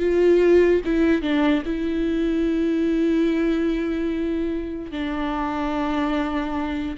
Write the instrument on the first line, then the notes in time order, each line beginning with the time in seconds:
viola
0.00 F4
0.85 E4
1.22 D4
1.66 E4
4.92 D4